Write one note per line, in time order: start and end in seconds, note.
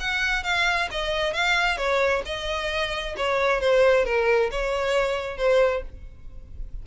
0.00 0.44 F#5
0.44 0.89 F5
0.91 1.33 D#5
1.33 1.77 F5
1.77 2.22 C#5
2.26 3.16 D#5
3.17 3.61 C#5
3.61 4.05 C5
4.05 4.50 A#4
4.51 5.38 C#5
5.38 5.83 C5